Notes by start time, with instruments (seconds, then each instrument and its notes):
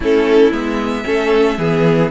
0.00 cello A3, viola C#4, violin E4 A4
0.52 cello G#3, viola B3, violin E5
1.04 cello A3, viola C#4, violin A4
1.58 cello E3, viola B3, violin G#4